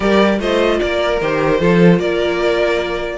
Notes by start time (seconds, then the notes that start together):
0.00 G3 G4 A#4 D5
0.39 A3 F4 C5 D#5
0.79 A#3 A#4 D5
1.21 D#3 G4 C5
1.59 F3 F4 A4
1.99 A#3 A#4 D5